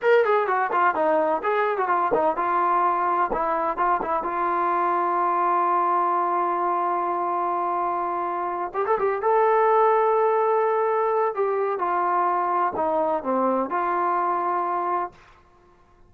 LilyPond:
\new Staff \with { instrumentName = "trombone" } { \time 4/4 \tempo 4 = 127 ais'8 gis'8 fis'8 f'8 dis'4 gis'8. fis'16 | f'8 dis'8 f'2 e'4 | f'8 e'8 f'2.~ | f'1~ |
f'2~ f'8 g'16 a'16 g'8 a'8~ | a'1 | g'4 f'2 dis'4 | c'4 f'2. | }